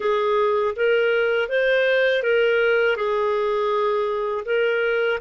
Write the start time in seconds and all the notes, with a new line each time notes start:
0.00 G#4
0.76 A#4
1.48 C5
2.22 A#4
2.96 G#4
4.45 A#4